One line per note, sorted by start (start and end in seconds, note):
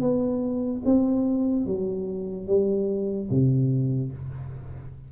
0.00 0.82 B3
0.84 1.66 C4
1.66 2.47 F#3
2.47 3.29 G3
3.30 4.12 C3